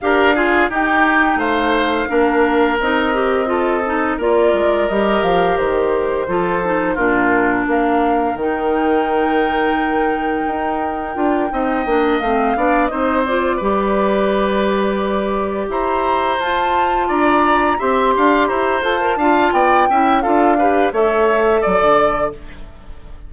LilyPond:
<<
  \new Staff \with { instrumentName = "flute" } { \time 4/4 \tempo 4 = 86 f''4 g''4 f''2 | dis''2 d''4 dis''8 f''8 | c''2 ais'4 f''4 | g''1~ |
g''4. f''4 dis''8 d''4~ | d''2~ d''8 ais''4 a''8~ | a''8 ais''4 c'''4 ais''8 a''4 | g''4 f''4 e''4 d''4 | }
  \new Staff \with { instrumentName = "oboe" } { \time 4/4 ais'8 gis'8 g'4 c''4 ais'4~ | ais'4 a'4 ais'2~ | ais'4 a'4 f'4 ais'4~ | ais'1~ |
ais'8 dis''4. d''8 c''4 b'8~ | b'2~ b'8 c''4.~ | c''8 d''4 e''8 f''8 c''4 f''8 | d''8 e''8 a'8 b'8 cis''4 d''4 | }
  \new Staff \with { instrumentName = "clarinet" } { \time 4/4 g'8 f'8 dis'2 d'4 | dis'8 g'8 f'8 dis'8 f'4 g'4~ | g'4 f'8 dis'8 d'2 | dis'1 |
f'8 dis'8 d'8 c'8 d'8 dis'8 f'8 g'8~ | g'2.~ g'8 f'8~ | f'4. g'4. a'16 ais'16 f'8~ | f'8 e'8 f'8 g'8 a'2 | }
  \new Staff \with { instrumentName = "bassoon" } { \time 4/4 d'4 dis'4 a4 ais4 | c'2 ais8 gis8 g8 f8 | dis4 f4 ais,4 ais4 | dis2. dis'4 |
d'8 c'8 ais8 a8 b8 c'4 g8~ | g2~ g8 e'4 f'8~ | f'8 d'4 c'8 d'8 e'8 f'8 d'8 | b8 cis'8 d'4 a4 fis16 d8. | }
>>